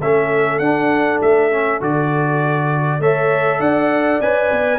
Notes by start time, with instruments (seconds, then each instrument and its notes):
0.00 tuba A3, trombone C#4, horn A4, trumpet E5
0.59 tuba D4, trombone D4, trumpet F#5
1.22 tuba A3, trumpet E5
1.51 trombone C#4
1.80 tuba D3, trombone F#4, trumpet D5
3.00 tuba A3, trombone A4, horn C#5, trumpet E5
3.60 tuba D4, horn D5, trumpet F#5
4.21 tuba C#4, trombone B4, trumpet G#5
4.51 tuba B3